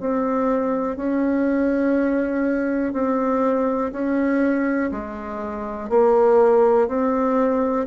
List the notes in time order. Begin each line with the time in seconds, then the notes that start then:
0.00 C4
0.97 C#4
2.93 C4
3.93 C#4
4.91 G#3
5.89 A#3
6.88 C4